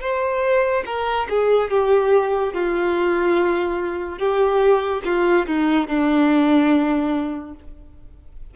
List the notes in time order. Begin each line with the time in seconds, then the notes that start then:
0.00 C5
0.85 A#4
1.29 G#4
1.70 G4
2.53 F4
4.18 G4
5.04 F4
5.46 D#4
5.87 D4